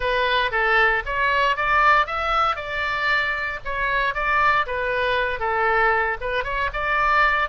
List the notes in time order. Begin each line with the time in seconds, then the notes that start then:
0.00 B4
0.51 A4
1.05 C#5
1.56 D5
2.06 E5
2.56 D5
3.64 C#5
4.14 D5
4.66 B4
5.39 A4
6.20 B4
6.44 C#5
6.73 D5